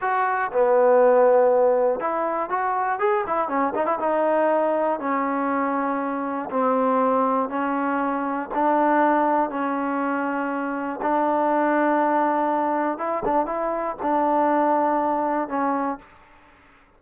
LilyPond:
\new Staff \with { instrumentName = "trombone" } { \time 4/4 \tempo 4 = 120 fis'4 b2. | e'4 fis'4 gis'8 e'8 cis'8 dis'16 e'16 | dis'2 cis'2~ | cis'4 c'2 cis'4~ |
cis'4 d'2 cis'4~ | cis'2 d'2~ | d'2 e'8 d'8 e'4 | d'2. cis'4 | }